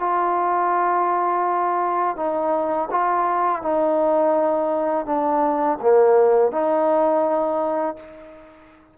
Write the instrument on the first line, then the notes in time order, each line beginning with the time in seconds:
trombone
0.00 F4
2.17 D#4
2.91 F4
3.62 D#4
5.06 D4
5.82 A#3
6.52 D#4